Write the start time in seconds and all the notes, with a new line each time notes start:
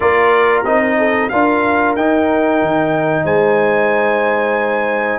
0.00 A#3 F4 A#4 D5
0.64 C4 D#4 D#5
0.98 A4
1.29 D4 F4 A#4 F5
1.96 D#4 G5
2.61 D#3
3.24 G#3 C5 G#5